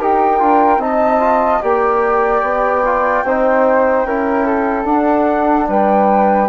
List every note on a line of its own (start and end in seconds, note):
0.00 0.41 D#4
0.00 0.40 G4
0.00 0.81 A#4
0.00 0.82 G5
0.40 0.78 D4
0.40 0.80 F4
0.78 1.59 C4
0.78 1.20 D#4
0.78 1.62 D#5
0.78 1.63 A5
1.20 1.60 F4
1.62 2.42 A#3
1.62 2.83 G4
1.62 3.25 D5
1.62 4.86 G5
2.42 3.23 B3
2.85 3.26 F4
3.24 4.05 C4
3.24 4.07 D#4
3.24 4.07 C5
4.05 4.85 C#4
4.05 4.85 E4
4.05 4.47 A#4
4.47 5.68 A4
4.85 5.66 D4
4.85 6.48 D4
4.85 5.67 F#5
5.68 6.49 G3
5.68 6.49 B4
5.68 6.49 G5